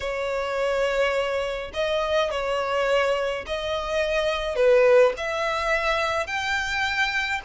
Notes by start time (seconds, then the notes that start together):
0.00 C#5
1.73 D#5
2.30 C#5
3.46 D#5
4.55 B4
5.17 E5
6.26 G5